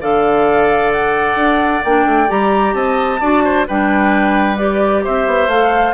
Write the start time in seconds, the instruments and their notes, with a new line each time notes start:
0.00 bassoon D3, clarinet A4, oboe D5, flute F5
0.91 flute F#5
1.35 bassoon D4
1.84 bassoon A#3, clarinet D4, flute G5
2.05 bassoon A3
2.27 bassoon G3, clarinet G4, flute A#5
2.73 bassoon C4, oboe D#5, flute A5
3.20 bassoon D4, clarinet F#4, oboe D5
3.44 oboe C5
3.67 bassoon G3, clarinet D4, oboe B4, flute G5
4.57 clarinet G4, flute D5
5.03 bassoon C4, oboe C5, flute E5
5.26 bassoon B3
5.47 bassoon A3, clarinet A4, flute F5